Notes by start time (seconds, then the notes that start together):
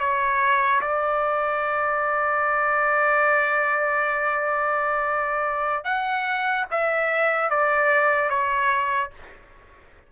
0.00 C#5
0.81 D5
5.85 F#5
6.71 E5
7.50 D5
8.30 C#5